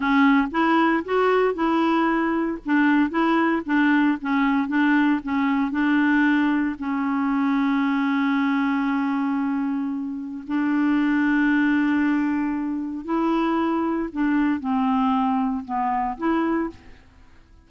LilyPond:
\new Staff \with { instrumentName = "clarinet" } { \time 4/4 \tempo 4 = 115 cis'4 e'4 fis'4 e'4~ | e'4 d'4 e'4 d'4 | cis'4 d'4 cis'4 d'4~ | d'4 cis'2.~ |
cis'1 | d'1~ | d'4 e'2 d'4 | c'2 b4 e'4 | }